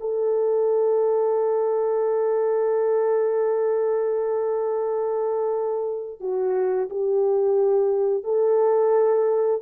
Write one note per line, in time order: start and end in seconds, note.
0.00 6.20 A4
6.20 6.89 F#4
6.90 8.24 G4
8.24 9.62 A4